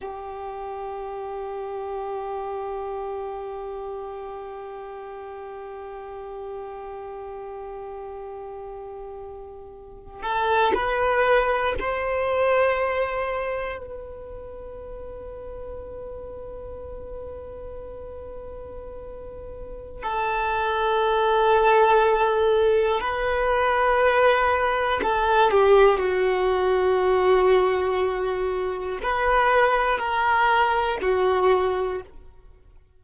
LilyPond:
\new Staff \with { instrumentName = "violin" } { \time 4/4 \tempo 4 = 60 g'1~ | g'1~ | g'2~ g'16 a'8 b'4 c''16~ | c''4.~ c''16 b'2~ b'16~ |
b'1 | a'2. b'4~ | b'4 a'8 g'8 fis'2~ | fis'4 b'4 ais'4 fis'4 | }